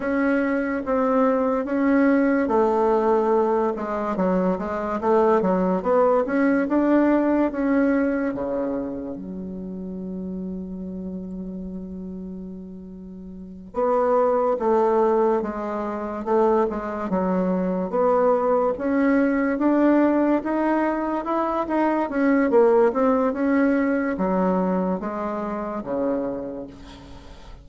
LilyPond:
\new Staff \with { instrumentName = "bassoon" } { \time 4/4 \tempo 4 = 72 cis'4 c'4 cis'4 a4~ | a8 gis8 fis8 gis8 a8 fis8 b8 cis'8 | d'4 cis'4 cis4 fis4~ | fis1~ |
fis8 b4 a4 gis4 a8 | gis8 fis4 b4 cis'4 d'8~ | d'8 dis'4 e'8 dis'8 cis'8 ais8 c'8 | cis'4 fis4 gis4 cis4 | }